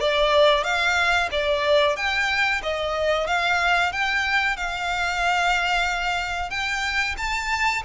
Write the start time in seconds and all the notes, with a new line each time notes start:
0.00 D5
0.63 F5
1.31 D5
1.96 G5
2.62 D#5
3.26 F5
3.92 G5
4.56 F5
6.50 G5
7.17 A5